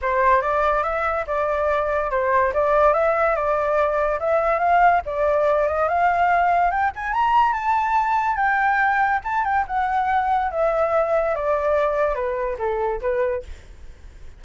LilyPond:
\new Staff \with { instrumentName = "flute" } { \time 4/4 \tempo 4 = 143 c''4 d''4 e''4 d''4~ | d''4 c''4 d''4 e''4 | d''2 e''4 f''4 | d''4. dis''8 f''2 |
g''8 gis''8 ais''4 a''2 | g''2 a''8 g''8 fis''4~ | fis''4 e''2 d''4~ | d''4 b'4 a'4 b'4 | }